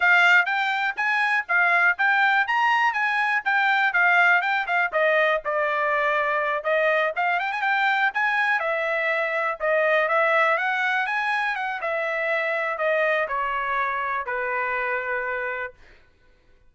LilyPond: \new Staff \with { instrumentName = "trumpet" } { \time 4/4 \tempo 4 = 122 f''4 g''4 gis''4 f''4 | g''4 ais''4 gis''4 g''4 | f''4 g''8 f''8 dis''4 d''4~ | d''4. dis''4 f''8 g''16 gis''16 g''8~ |
g''8 gis''4 e''2 dis''8~ | dis''8 e''4 fis''4 gis''4 fis''8 | e''2 dis''4 cis''4~ | cis''4 b'2. | }